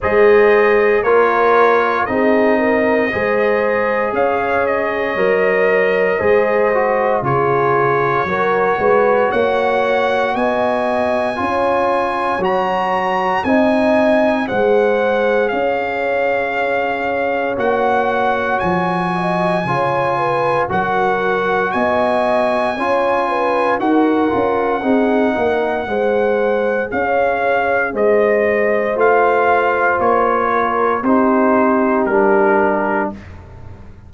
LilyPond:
<<
  \new Staff \with { instrumentName = "trumpet" } { \time 4/4 \tempo 4 = 58 dis''4 cis''4 dis''2 | f''8 dis''2~ dis''8 cis''4~ | cis''4 fis''4 gis''2 | ais''4 gis''4 fis''4 f''4~ |
f''4 fis''4 gis''2 | fis''4 gis''2 fis''4~ | fis''2 f''4 dis''4 | f''4 cis''4 c''4 ais'4 | }
  \new Staff \with { instrumentName = "horn" } { \time 4/4 c''4 ais'4 gis'8 ais'8 c''4 | cis''2 c''4 gis'4 | ais'8 b'8 cis''4 dis''4 cis''4~ | cis''4 dis''4 c''4 cis''4~ |
cis''2~ cis''8 dis''8 cis''8 b'8 | ais'4 dis''4 cis''8 b'8 ais'4 | gis'8 ais'8 c''4 cis''4 c''4~ | c''4. ais'8 g'2 | }
  \new Staff \with { instrumentName = "trombone" } { \time 4/4 gis'4 f'4 dis'4 gis'4~ | gis'4 ais'4 gis'8 fis'8 f'4 | fis'2. f'4 | fis'4 dis'4 gis'2~ |
gis'4 fis'2 f'4 | fis'2 f'4 fis'8 f'8 | dis'4 gis'2. | f'2 dis'4 d'4 | }
  \new Staff \with { instrumentName = "tuba" } { \time 4/4 gis4 ais4 c'4 gis4 | cis'4 fis4 gis4 cis4 | fis8 gis8 ais4 b4 cis'4 | fis4 c'4 gis4 cis'4~ |
cis'4 ais4 f4 cis4 | fis4 b4 cis'4 dis'8 cis'8 | c'8 ais8 gis4 cis'4 gis4 | a4 ais4 c'4 g4 | }
>>